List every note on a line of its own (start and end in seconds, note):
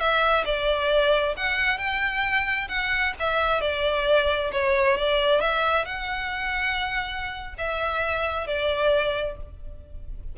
0.00 0.45 E5
0.46 1.36 D5
1.37 1.78 F#5
1.78 2.69 G5
2.69 3.14 F#5
3.20 3.61 E5
3.61 4.52 D5
4.53 4.98 C#5
4.98 5.41 D5
5.41 5.86 E5
5.86 7.55 F#5
7.58 8.47 E5
8.47 9.37 D5